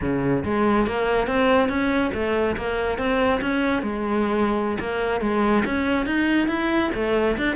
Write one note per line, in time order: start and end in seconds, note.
0.01 0.44 C#3
0.44 0.86 G#3
0.86 1.27 A#3
1.27 1.68 C4
1.68 2.11 C#4
2.14 2.56 A3
2.56 2.98 A#3
2.98 3.40 C4
3.41 3.82 C#4
3.82 4.78 G#3
4.79 5.21 A#3
5.21 5.63 G#3
5.65 6.06 C#4
6.06 6.48 D#4
6.48 6.90 E4
6.94 7.36 A3
7.37 7.55 D4